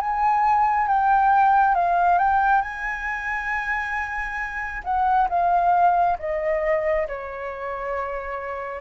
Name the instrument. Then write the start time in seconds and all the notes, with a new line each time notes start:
flute
0.00 G#5
0.87 G5
1.74 F5
2.18 G5
2.61 G#5
4.84 F#5
5.29 F5
6.18 D#5
7.07 C#5